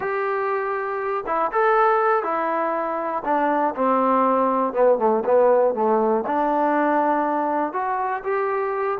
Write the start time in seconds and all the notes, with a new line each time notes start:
0.00 G4
1.26 E4
1.51 A4
2.23 E4
3.24 D4
3.75 C4
4.73 B3
4.98 A3
5.25 B3
5.74 A3
6.26 D4
7.72 F#4
8.23 G4